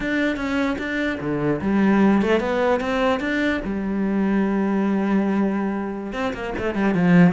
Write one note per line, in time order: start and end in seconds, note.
0.00 0.36 D4
0.36 0.77 C#4
0.78 1.18 D4
1.20 1.60 D3
1.61 2.21 G3
2.21 2.40 A3
2.40 2.80 B3
2.80 3.20 C4
3.20 3.60 D4
3.64 6.12 G3
6.12 6.33 C4
6.33 6.53 A#3
6.58 6.74 A3
6.74 6.94 G3
6.94 7.33 F3